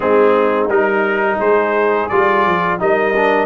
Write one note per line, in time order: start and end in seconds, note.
0.00 0.68 G#3
0.00 0.69 C4
0.00 1.38 D#4
0.00 0.68 G#4
0.68 1.38 G3
0.68 2.09 D#4
0.68 1.39 A#4
1.38 2.09 G#3
1.38 2.78 G#4
1.38 2.08 C5
2.08 2.46 G3
2.08 2.79 F4
2.08 2.78 D5
2.46 2.80 F3
2.79 3.46 G3
2.79 3.14 D#4
2.79 3.46 A#4
2.79 3.46 D#5
3.16 3.46 D4